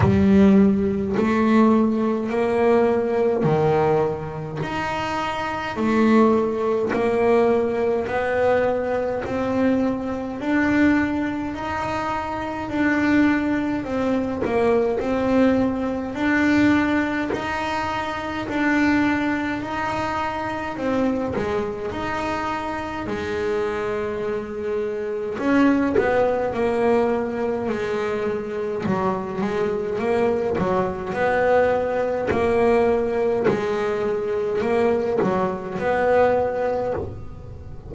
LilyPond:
\new Staff \with { instrumentName = "double bass" } { \time 4/4 \tempo 4 = 52 g4 a4 ais4 dis4 | dis'4 a4 ais4 b4 | c'4 d'4 dis'4 d'4 | c'8 ais8 c'4 d'4 dis'4 |
d'4 dis'4 c'8 gis8 dis'4 | gis2 cis'8 b8 ais4 | gis4 fis8 gis8 ais8 fis8 b4 | ais4 gis4 ais8 fis8 b4 | }